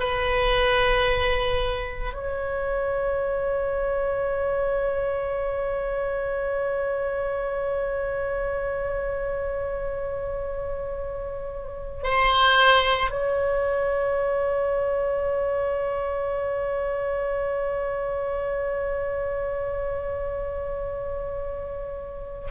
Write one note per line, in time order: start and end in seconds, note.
0.00 2.14 B4
2.14 12.04 C#5
12.04 13.11 C5
13.11 22.49 C#5